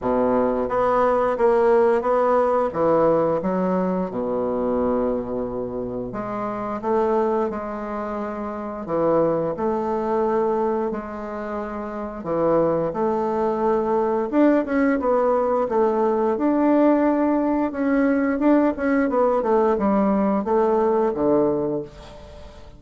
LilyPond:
\new Staff \with { instrumentName = "bassoon" } { \time 4/4 \tempo 4 = 88 b,4 b4 ais4 b4 | e4 fis4 b,2~ | b,4 gis4 a4 gis4~ | gis4 e4 a2 |
gis2 e4 a4~ | a4 d'8 cis'8 b4 a4 | d'2 cis'4 d'8 cis'8 | b8 a8 g4 a4 d4 | }